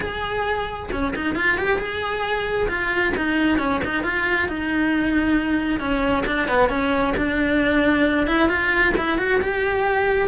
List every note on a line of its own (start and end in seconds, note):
0.00 0.90 G#4
0.92 1.14 C#4
1.15 1.35 D#4
1.35 1.57 F4
1.57 1.78 G4
1.78 2.68 G#4
2.68 3.13 F4
3.16 3.58 D#4
3.58 3.80 C#4
3.84 4.03 D#4
4.03 4.48 F4
4.48 5.79 D#4
5.79 6.24 C#4
6.26 6.48 D4
6.48 6.69 B3
6.69 7.13 C#4
7.16 8.26 D4
8.26 8.49 E4
8.49 8.93 F4
8.97 9.18 E4
9.18 9.40 F#4
9.41 10.28 G4